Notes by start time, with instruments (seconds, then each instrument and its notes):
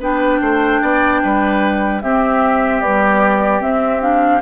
0.00 bassoon B3, clarinet D4, oboe B4, flute G5
0.41 bassoon A3, oboe C5
0.82 bassoon B3, oboe D5
1.23 bassoon G3, oboe B4
2.02 bassoon C4, clarinet C4, oboe G4, flute E5
2.81 clarinet G3, bassoon B3, flute D5
3.61 clarinet C4, bassoon C4, flute E5
4.01 clarinet D4, flute F5